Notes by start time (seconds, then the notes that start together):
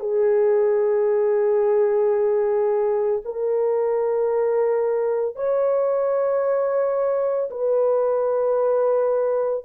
0.00 G#4
3.25 A#4
5.35 C#5
7.50 B4